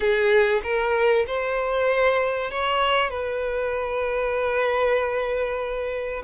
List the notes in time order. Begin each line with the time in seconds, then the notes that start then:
0.00 G#4
0.62 A#4
1.26 C5
2.50 C#5
3.10 B4